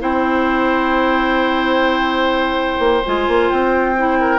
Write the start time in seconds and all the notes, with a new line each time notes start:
0.00 C4 E4 C5 G5
2.79 A#3
3.06 G#3 F4 G#5
3.28 A#3
3.50 C4 G5
3.98 E4
4.20 A#4